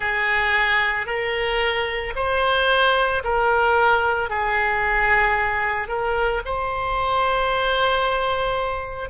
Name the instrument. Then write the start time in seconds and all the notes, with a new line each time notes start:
oboe
0.00 G#4
1.06 A#4
2.15 C5
3.23 A#4
4.29 G#4
5.87 A#4
6.45 C5